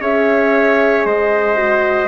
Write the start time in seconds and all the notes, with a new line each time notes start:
0.00 C#4 G#4 C#5 E5
1.05 G#3 C5 D#5
1.56 F#4